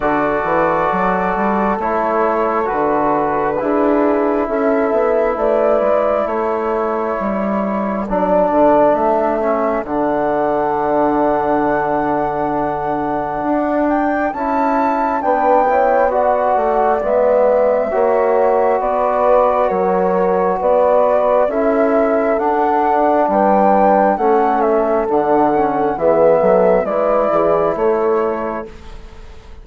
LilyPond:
<<
  \new Staff \with { instrumentName = "flute" } { \time 4/4 \tempo 4 = 67 d''2 cis''4 b'4~ | b'4 e''4 d''4 cis''4~ | cis''4 d''4 e''4 fis''4~ | fis''2.~ fis''8 g''8 |
a''4 g''4 fis''4 e''4~ | e''4 d''4 cis''4 d''4 | e''4 fis''4 g''4 fis''8 e''8 | fis''4 e''4 d''4 cis''4 | }
  \new Staff \with { instrumentName = "horn" } { \time 4/4 a'1 | gis'4 a'4 b'4 a'4~ | a'1~ | a'1~ |
a'4 b'8 cis''8 d''2 | cis''4 b'4 ais'4 b'4 | a'2 b'4 a'4~ | a'4 gis'8 a'8 b'8 gis'8 a'4 | }
  \new Staff \with { instrumentName = "trombone" } { \time 4/4 fis'2 e'4 fis'4 | e'1~ | e'4 d'4. cis'8 d'4~ | d'1 |
e'4 d'8 e'8 fis'4 b4 | fis'1 | e'4 d'2 cis'4 | d'8 cis'8 b4 e'2 | }
  \new Staff \with { instrumentName = "bassoon" } { \time 4/4 d8 e8 fis8 g8 a4 d4 | d'4 cis'8 b8 a8 gis8 a4 | g4 fis8 d8 a4 d4~ | d2. d'4 |
cis'4 b4. a8 gis4 | ais4 b4 fis4 b4 | cis'4 d'4 g4 a4 | d4 e8 fis8 gis8 e8 a4 | }
>>